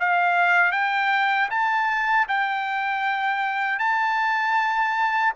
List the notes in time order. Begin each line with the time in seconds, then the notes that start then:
0.00 F5
0.72 G5
1.50 A5
2.29 G5
3.79 A5